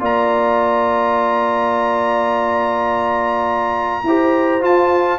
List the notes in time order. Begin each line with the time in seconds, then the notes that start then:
0.00 A#3 F4 D5 A#5
4.04 E4 G4 C5
4.61 F4 A5